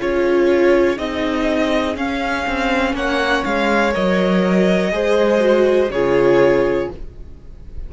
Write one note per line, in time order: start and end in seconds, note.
0.00 0.99 C#4
0.00 0.98 F4
0.00 2.95 G#4
0.00 0.99 C#5
0.98 1.97 C4
0.98 1.96 D#4
0.98 1.97 D#5
1.97 2.46 C#4
1.97 3.92 C#4
1.97 2.96 F5
2.48 2.94 C4
2.94 3.43 A#3
2.94 4.92 C#5
2.94 3.45 F#5
3.45 3.95 G#3
3.45 3.94 F5
3.92 4.92 F#3
3.92 4.91 A#4
3.92 5.91 D#5
4.92 5.90 G#3
4.92 5.41 G#4
4.92 5.93 C5
5.41 5.90 F#4
5.90 6.88 C#3
5.90 6.93 F4
5.90 6.91 G#4
5.90 6.90 C#5